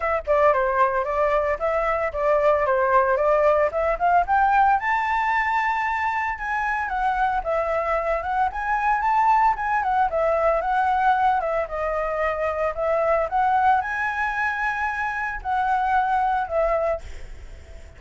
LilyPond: \new Staff \with { instrumentName = "flute" } { \time 4/4 \tempo 4 = 113 e''8 d''8 c''4 d''4 e''4 | d''4 c''4 d''4 e''8 f''8 | g''4 a''2. | gis''4 fis''4 e''4. fis''8 |
gis''4 a''4 gis''8 fis''8 e''4 | fis''4. e''8 dis''2 | e''4 fis''4 gis''2~ | gis''4 fis''2 e''4 | }